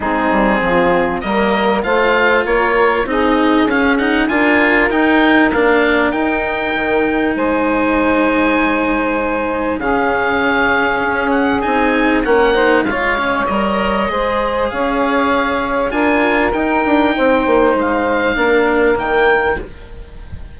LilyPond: <<
  \new Staff \with { instrumentName = "oboe" } { \time 4/4 \tempo 4 = 98 gis'2 dis''4 f''4 | cis''4 dis''4 f''8 fis''8 gis''4 | g''4 f''4 g''2 | gis''1 |
f''2~ f''8 fis''8 gis''4 | fis''4 f''4 dis''2 | f''2 gis''4 g''4~ | g''4 f''2 g''4 | }
  \new Staff \with { instrumentName = "saxophone" } { \time 4/4 dis'4 f'4 ais'4 c''4 | ais'4 gis'2 ais'4~ | ais'1 | c''1 |
gis'1 | ais'8 c''8 cis''2 c''4 | cis''2 ais'2 | c''2 ais'2 | }
  \new Staff \with { instrumentName = "cello" } { \time 4/4 c'2 ais4 f'4~ | f'4 dis'4 cis'8 dis'8 f'4 | dis'4 d'4 dis'2~ | dis'1 |
cis'2. dis'4 | cis'8 dis'8 f'8 cis'8 ais'4 gis'4~ | gis'2 f'4 dis'4~ | dis'2 d'4 ais4 | }
  \new Staff \with { instrumentName = "bassoon" } { \time 4/4 gis8 g8 f4 g4 a4 | ais4 c'4 cis'4 d'4 | dis'4 ais4 dis'4 dis4 | gis1 |
cis2 cis'4 c'4 | ais4 gis4 g4 gis4 | cis'2 d'4 dis'8 d'8 | c'8 ais8 gis4 ais4 dis4 | }
>>